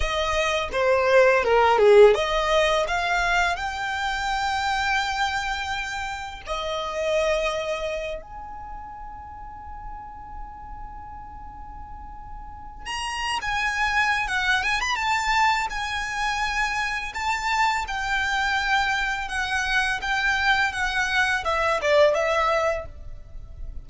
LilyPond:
\new Staff \with { instrumentName = "violin" } { \time 4/4 \tempo 4 = 84 dis''4 c''4 ais'8 gis'8 dis''4 | f''4 g''2.~ | g''4 dis''2~ dis''8 gis''8~ | gis''1~ |
gis''2 ais''8. gis''4~ gis''16 | fis''8 gis''16 b''16 a''4 gis''2 | a''4 g''2 fis''4 | g''4 fis''4 e''8 d''8 e''4 | }